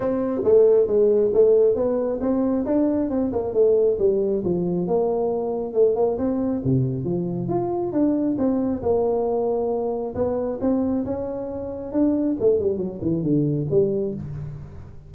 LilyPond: \new Staff \with { instrumentName = "tuba" } { \time 4/4 \tempo 4 = 136 c'4 a4 gis4 a4 | b4 c'4 d'4 c'8 ais8 | a4 g4 f4 ais4~ | ais4 a8 ais8 c'4 c4 |
f4 f'4 d'4 c'4 | ais2. b4 | c'4 cis'2 d'4 | a8 g8 fis8 e8 d4 g4 | }